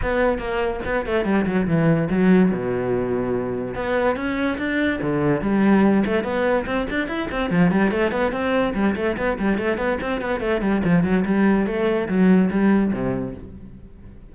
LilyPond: \new Staff \with { instrumentName = "cello" } { \time 4/4 \tempo 4 = 144 b4 ais4 b8 a8 g8 fis8 | e4 fis4 b,2~ | b,4 b4 cis'4 d'4 | d4 g4. a8 b4 |
c'8 d'8 e'8 c'8 f8 g8 a8 b8 | c'4 g8 a8 b8 g8 a8 b8 | c'8 b8 a8 g8 f8 fis8 g4 | a4 fis4 g4 c4 | }